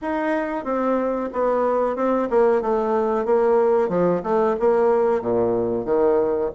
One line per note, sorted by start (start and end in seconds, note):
0.01 0.64 D#4
0.64 1.29 C4
1.33 1.96 B3
1.96 2.28 C4
2.29 2.61 A#3
2.61 3.25 A3
3.25 3.89 A#3
3.89 4.21 F3
4.23 4.56 A3
4.59 5.21 A#3
5.21 5.85 A#2
5.85 6.50 D#3